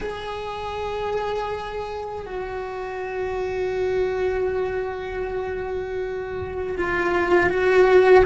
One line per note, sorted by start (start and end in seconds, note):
0.00 2.25 G#4
2.26 6.76 F#4
6.77 7.49 F4
7.49 8.24 F#4